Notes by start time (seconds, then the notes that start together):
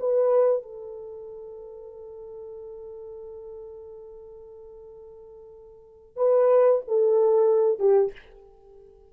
0.00 B4
0.63 A4
6.17 B4
6.88 A4
7.80 G4